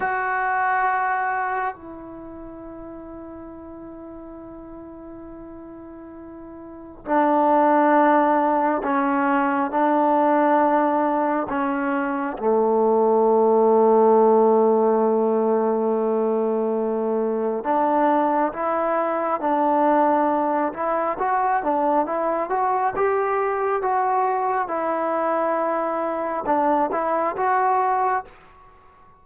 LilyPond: \new Staff \with { instrumentName = "trombone" } { \time 4/4 \tempo 4 = 68 fis'2 e'2~ | e'1 | d'2 cis'4 d'4~ | d'4 cis'4 a2~ |
a1 | d'4 e'4 d'4. e'8 | fis'8 d'8 e'8 fis'8 g'4 fis'4 | e'2 d'8 e'8 fis'4 | }